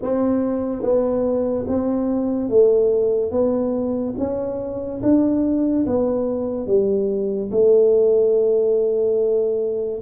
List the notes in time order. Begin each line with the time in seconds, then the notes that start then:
0.02 C4
0.82 B3
1.67 C4
2.48 A3
3.31 B3
4.17 C#4
5.02 D4
5.85 B3
6.67 G3
7.51 A3